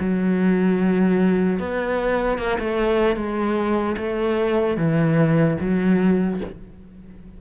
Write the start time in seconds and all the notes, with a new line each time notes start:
0.00 F#3
1.59 B3
2.38 A#3
2.59 A3
3.16 G#3
3.97 A3
4.77 E3
5.61 F#3